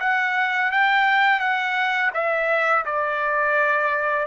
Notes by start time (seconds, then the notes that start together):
0.00 F#5
0.72 G5
1.40 F#5
2.14 E5
2.86 D5